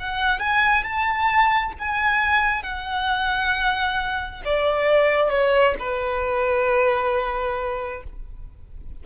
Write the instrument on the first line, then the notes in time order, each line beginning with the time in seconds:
violin
0.00 F#5
0.40 G#5
0.83 A5
1.79 G#5
2.63 F#5
4.45 D5
5.30 C#5
5.79 B4